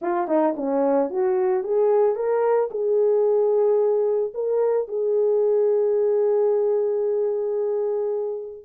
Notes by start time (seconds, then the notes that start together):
0.01 F4
0.27 D#4
0.56 C#4
1.10 F#4
1.63 G#4
2.15 A#4
2.70 G#4
4.33 A#4
4.88 G#4